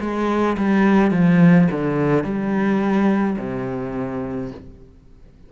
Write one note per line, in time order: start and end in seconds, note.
0.00 0.57 G#3
0.57 1.11 G3
1.11 1.67 F3
1.71 2.23 D3
2.23 3.37 G3
3.38 4.51 C3